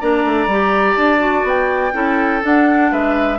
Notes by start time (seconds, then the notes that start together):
0.00 A#3 D4 D5 A#5
0.24 A3
0.46 G3 G4
0.96 D4 A5
1.18 F#4
1.43 B3 G5
1.93 C#4 E4 A4
2.41 D4 F#5
2.91 G#3 B4 E5